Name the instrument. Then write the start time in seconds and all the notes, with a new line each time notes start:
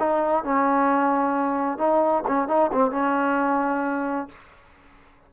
trombone
0.00 D#4
0.44 C#4
1.78 D#4
2.28 C#4
2.48 D#4
2.73 C4
2.91 C#4